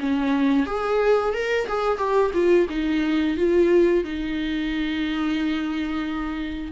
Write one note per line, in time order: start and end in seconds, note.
0.00 0.66 C#4
0.66 1.34 G#4
1.34 1.68 A#4
1.68 1.98 G#4
1.98 2.32 G4
2.34 2.68 F4
2.70 3.37 D#4
3.37 4.04 F4
4.04 6.72 D#4